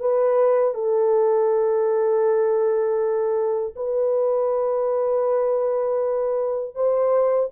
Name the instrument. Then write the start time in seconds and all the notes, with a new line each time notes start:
horn
0.00 B4
0.74 A4
3.76 B4
6.75 C5